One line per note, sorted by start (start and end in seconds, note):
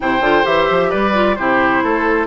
0.00 0.20 C3
0.00 0.21 E4
0.00 0.89 C5
0.00 0.45 G5
0.20 0.43 D3
0.20 0.43 F4
0.43 0.69 E3
0.43 1.12 G4
0.43 0.91 E5
0.70 0.93 F3
0.89 1.38 G3
0.89 1.35 B4
0.89 1.35 D5
1.13 1.36 F4
1.35 1.83 C3
1.35 2.27 E4
1.35 1.83 G4
1.35 2.27 C5
1.83 2.27 A3
1.83 2.27 A4